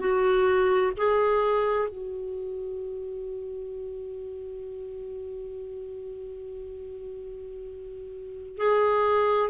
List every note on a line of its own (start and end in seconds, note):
0.00 0.92 F#4
0.97 1.89 G#4
1.89 8.58 F#4
8.58 9.50 G#4